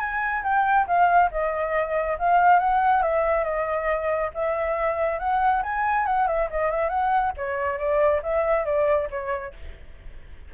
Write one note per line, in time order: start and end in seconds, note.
0.00 0.43 G#5
0.44 0.87 G5
0.87 1.30 F5
1.31 2.18 D#5
2.19 2.59 F5
2.59 3.03 F#5
3.03 3.44 E5
3.44 4.31 D#5
4.34 5.19 E5
5.19 5.63 F#5
5.63 6.06 G#5
6.06 6.27 F#5
6.27 6.49 E5
6.51 6.71 D#5
6.71 6.90 E5
6.90 7.33 F#5
7.37 7.78 C#5
7.78 8.22 D5
8.23 8.66 E5
8.66 9.09 D5
9.11 9.54 C#5